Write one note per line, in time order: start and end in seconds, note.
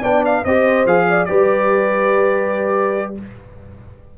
0.00 0.44 B3
0.00 0.44 D4
0.00 0.42 D5
0.00 0.24 G5
0.25 0.44 F5
0.44 0.85 C4
0.44 0.87 G4
0.44 1.07 C5
0.44 0.86 D#5
0.85 1.27 F3
0.85 1.27 G#4
0.85 1.25 F5
1.08 1.29 D5
1.25 3.18 G3
1.25 3.14 G4
1.25 3.17 B4
1.25 3.12 D5